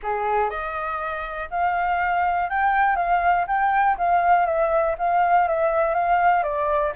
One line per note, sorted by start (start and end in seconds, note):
0.02 0.50 G#4
0.50 1.49 D#5
1.50 2.49 F5
2.49 2.96 G5
2.96 3.45 F5
3.47 3.96 G5
3.97 4.45 F5
4.45 4.95 E5
4.98 5.47 F5
5.47 5.94 E5
5.94 6.43 F5
6.43 6.93 D5